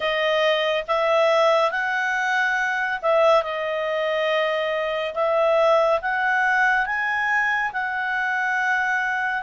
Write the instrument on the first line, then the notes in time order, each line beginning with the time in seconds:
clarinet
0.00 D#5
0.87 E5
1.71 F#5
3.02 E5
3.42 D#5
5.14 E5
6.01 F#5
6.86 G#5
7.73 F#5